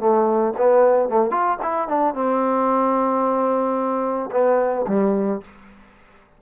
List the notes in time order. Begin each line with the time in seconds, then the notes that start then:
0.00 A3
0.58 B3
1.10 A3
1.31 F4
1.63 E4
1.88 D4
2.14 C4
4.32 B3
4.88 G3